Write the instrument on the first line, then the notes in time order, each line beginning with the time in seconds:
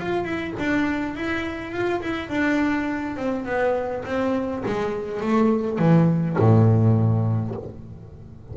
double bass
0.00 F4
0.25 E4
0.59 D4
1.16 E4
1.72 F4
2.02 E4
2.29 D4
3.17 C4
3.46 B3
4.05 C4
4.66 G#3
5.21 A3
5.79 E3
6.39 A2